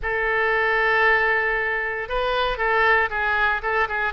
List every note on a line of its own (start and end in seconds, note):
0.02 2.09 A4
2.09 2.57 B4
2.57 3.09 A4
3.10 3.61 G#4
3.62 3.88 A4
3.88 4.13 G#4